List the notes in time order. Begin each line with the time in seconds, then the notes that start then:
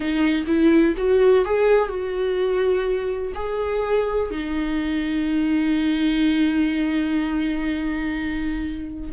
0.00 D#4
0.46 E4
0.97 F#4
1.45 G#4
1.88 F#4
3.34 G#4
4.30 D#4